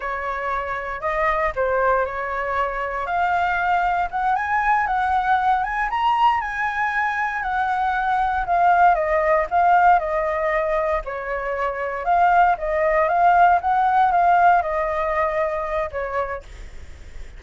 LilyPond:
\new Staff \with { instrumentName = "flute" } { \time 4/4 \tempo 4 = 117 cis''2 dis''4 c''4 | cis''2 f''2 | fis''8 gis''4 fis''4. gis''8 ais''8~ | ais''8 gis''2 fis''4.~ |
fis''8 f''4 dis''4 f''4 dis''8~ | dis''4. cis''2 f''8~ | f''8 dis''4 f''4 fis''4 f''8~ | f''8 dis''2~ dis''8 cis''4 | }